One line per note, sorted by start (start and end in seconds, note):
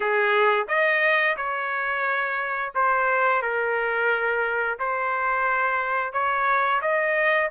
0.00 0.67 G#4
0.68 1.36 D#5
1.36 2.73 C#5
2.75 3.42 C5
3.42 4.78 A#4
4.79 6.12 C5
6.12 6.80 C#5
6.81 7.49 D#5